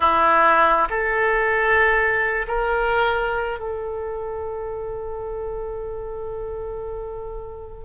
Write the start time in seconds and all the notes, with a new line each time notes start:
0.00 E4
0.90 A4
2.47 A#4
3.59 A4